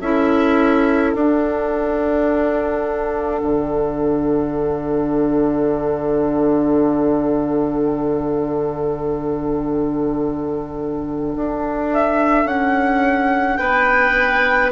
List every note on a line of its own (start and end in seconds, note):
0.00 1.13 C#4
0.00 1.16 E4
0.00 13.58 A4
0.00 1.12 E5
1.12 3.41 D4
1.12 14.71 D4
1.12 11.87 F#5
3.42 11.34 D3
11.35 12.45 D4
11.93 12.47 E5
12.45 13.58 C#4
12.45 13.57 F#5
13.57 14.71 B3
13.57 14.71 B4
13.57 14.70 G5